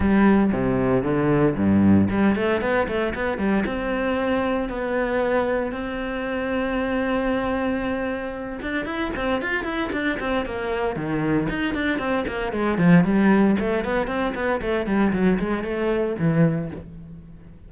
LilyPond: \new Staff \with { instrumentName = "cello" } { \time 4/4 \tempo 4 = 115 g4 c4 d4 g,4 | g8 a8 b8 a8 b8 g8 c'4~ | c'4 b2 c'4~ | c'1~ |
c'8 d'8 e'8 c'8 f'8 e'8 d'8 c'8 | ais4 dis4 dis'8 d'8 c'8 ais8 | gis8 f8 g4 a8 b8 c'8 b8 | a8 g8 fis8 gis8 a4 e4 | }